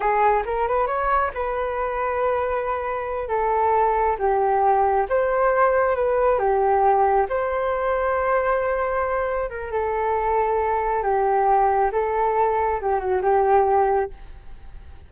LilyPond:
\new Staff \with { instrumentName = "flute" } { \time 4/4 \tempo 4 = 136 gis'4 ais'8 b'8 cis''4 b'4~ | b'2.~ b'8 a'8~ | a'4. g'2 c''8~ | c''4. b'4 g'4.~ |
g'8 c''2.~ c''8~ | c''4. ais'8 a'2~ | a'4 g'2 a'4~ | a'4 g'8 fis'8 g'2 | }